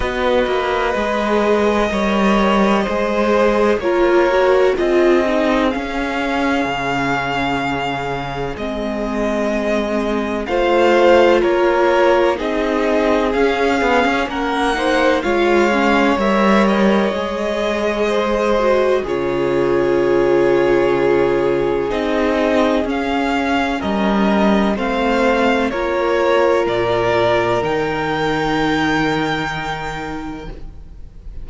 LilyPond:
<<
  \new Staff \with { instrumentName = "violin" } { \time 4/4 \tempo 4 = 63 dis''1 | cis''4 dis''4 f''2~ | f''4 dis''2 f''4 | cis''4 dis''4 f''4 fis''4 |
f''4 e''8 dis''2~ dis''8 | cis''2. dis''4 | f''4 dis''4 f''4 cis''4 | d''4 g''2. | }
  \new Staff \with { instrumentName = "violin" } { \time 4/4 b'2 cis''4 c''4 | ais'4 gis'2.~ | gis'2. c''4 | ais'4 gis'2 ais'8 c''8 |
cis''2. c''4 | gis'1~ | gis'4 ais'4 c''4 ais'4~ | ais'1 | }
  \new Staff \with { instrumentName = "viola" } { \time 4/4 fis'4 gis'4 ais'4 gis'4 | f'8 fis'8 f'8 dis'8 cis'2~ | cis'4 c'2 f'4~ | f'4 dis'4 cis'4. dis'8 |
f'8 cis'8 ais'4 gis'4. fis'8 | f'2. dis'4 | cis'2 c'4 f'4~ | f'4 dis'2. | }
  \new Staff \with { instrumentName = "cello" } { \time 4/4 b8 ais8 gis4 g4 gis4 | ais4 c'4 cis'4 cis4~ | cis4 gis2 a4 | ais4 c'4 cis'8 b16 cis'16 ais4 |
gis4 g4 gis2 | cis2. c'4 | cis'4 g4 a4 ais4 | ais,4 dis2. | }
>>